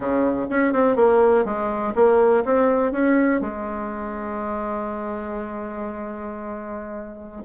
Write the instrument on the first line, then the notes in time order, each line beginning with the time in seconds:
bassoon
0.00 C#3
0.49 C#4
0.73 C4
0.96 A#3
1.44 G#3
1.95 A#3
2.45 C4
2.92 C#4
3.41 G#3